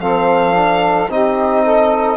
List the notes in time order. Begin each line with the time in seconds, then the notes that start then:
0.00 F3 C4 A4 F5
0.54 D4
1.09 C4 D#4 G4 D#5
1.63 A4